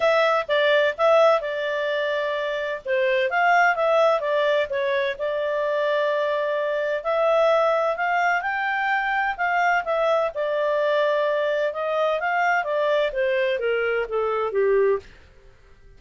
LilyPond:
\new Staff \with { instrumentName = "clarinet" } { \time 4/4 \tempo 4 = 128 e''4 d''4 e''4 d''4~ | d''2 c''4 f''4 | e''4 d''4 cis''4 d''4~ | d''2. e''4~ |
e''4 f''4 g''2 | f''4 e''4 d''2~ | d''4 dis''4 f''4 d''4 | c''4 ais'4 a'4 g'4 | }